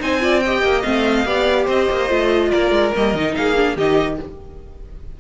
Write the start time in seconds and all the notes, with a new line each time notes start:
0.00 C4 D#4 C5 G#5
0.21 F4 D5
0.40 D#5 G5
0.46 G4
0.62 A#3
0.83 A3 C4 F5
1.25 B3 G4 D5
1.65 C4 C5 D#5
1.91 A#3
2.09 A3 F4
2.51 A#3 A#4 D5
2.71 G#3
2.94 G3 A#3 D#5
3.14 D#3 D#4
3.35 A#3 G#4 F5
3.56 D4
3.76 D#3 D#4 G4 D#5